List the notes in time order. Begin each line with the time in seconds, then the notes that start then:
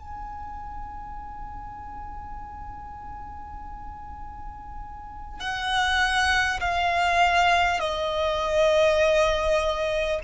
0.00 G#5
5.40 F#5
6.61 F5
7.80 D#5